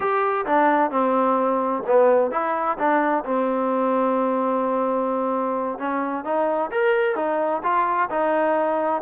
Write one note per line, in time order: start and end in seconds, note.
0.00 0.45 G4
0.46 0.91 D4
0.91 1.83 C4
1.86 2.31 B3
2.31 2.77 E4
2.78 3.24 D4
3.24 5.78 C4
5.78 6.24 C#4
6.24 6.70 D#4
6.71 7.15 A#4
7.15 7.62 D#4
7.63 8.09 F4
8.09 9.02 D#4